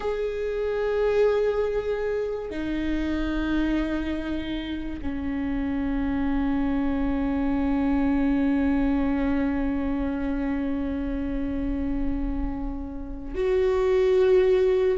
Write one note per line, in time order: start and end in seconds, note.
0.00 2.50 G#4
2.50 5.00 D#4
5.01 13.34 C#4
13.34 14.98 F#4